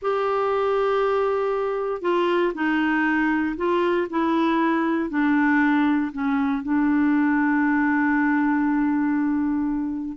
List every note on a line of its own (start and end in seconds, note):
0.02 2.01 G4
2.01 2.52 F4
2.54 3.55 D#4
3.56 4.07 F4
4.09 5.09 E4
5.09 6.11 D4
6.12 6.62 C#4
6.62 10.17 D4